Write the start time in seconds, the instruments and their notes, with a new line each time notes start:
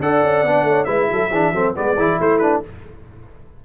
0.00 tuba D4, trombone A4, horn D5, trumpet F#5
0.23 tuba C#4
0.43 tuba B3, trombone D4
0.63 tuba A3, horn C#5
0.85 tuba G#3, trombone E4, horn B4, trumpet E5
1.11 tuba F#3, horn A4
1.30 tuba E3, trombone D4, horn G#4
1.52 tuba F#3, trombone C4, horn A4
1.75 tuba G#3, trombone B3, horn B4, trumpet D5
1.97 tuba E3, trombone E4, horn G#4
2.20 tuba A3, horn E4, trumpet C5
2.38 trombone D4, trumpet B4